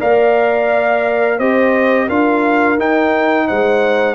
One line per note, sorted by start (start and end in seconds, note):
0.00 1.39 A#3
0.00 1.40 A#4
0.00 1.38 D5
0.00 1.39 F5
1.38 2.09 C4
1.38 2.10 G4
1.38 2.07 C5
1.38 2.09 D#5
2.07 2.79 D4
2.07 2.78 F4
2.07 3.46 A#4
2.07 2.79 F5
2.78 4.15 D#4
2.78 3.49 D#4
2.78 3.48 G5
3.47 4.15 G#3
3.47 4.15 C5
3.47 4.15 F#5